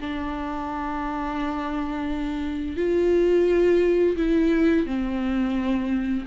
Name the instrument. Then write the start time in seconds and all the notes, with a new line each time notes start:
viola
0.00 D4
2.77 F4
4.17 E4
4.86 C4